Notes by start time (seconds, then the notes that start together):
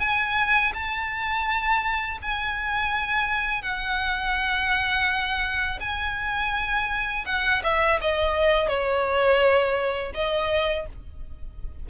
0.00 G#5
0.74 A5
2.23 G#5
3.62 F#5
5.81 G#5
7.26 F#5
7.64 E5
8.01 D#5
8.68 C#5
10.14 D#5